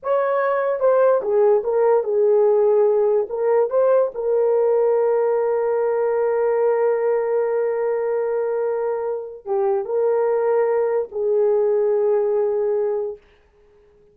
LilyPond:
\new Staff \with { instrumentName = "horn" } { \time 4/4 \tempo 4 = 146 cis''2 c''4 gis'4 | ais'4 gis'2. | ais'4 c''4 ais'2~ | ais'1~ |
ais'1~ | ais'2. g'4 | ais'2. gis'4~ | gis'1 | }